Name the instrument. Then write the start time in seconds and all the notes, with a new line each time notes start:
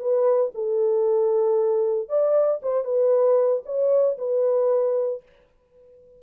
horn
0.00 B4
0.55 A4
2.09 D5
2.63 C5
2.85 B4
3.66 C#5
4.19 B4